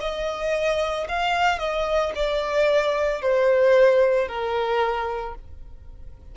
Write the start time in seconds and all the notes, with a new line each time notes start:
0.00 D#5
1.08 F5
1.59 D#5
2.15 D5
3.21 C5
4.28 A#4